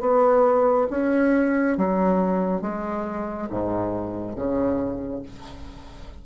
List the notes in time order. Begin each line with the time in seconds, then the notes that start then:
0.00 B3
0.90 C#4
1.77 F#3
2.61 G#3
3.49 G#2
4.36 C#3